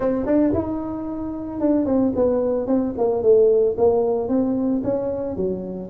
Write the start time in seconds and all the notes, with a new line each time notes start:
0.00 C4
0.26 D4
0.53 D#4
1.60 D4
1.85 C4
2.15 B3
2.66 C4
2.97 A#3
3.22 A3
3.77 A#3
4.28 C4
4.83 C#4
5.36 F#3